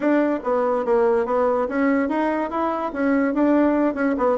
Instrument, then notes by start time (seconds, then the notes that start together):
bassoon
0.00 D4
0.43 B3
0.85 A#3
1.25 B3
1.68 C#4
2.09 D#4
2.50 E4
2.92 C#4
3.34 D4
3.94 C#4
4.17 B3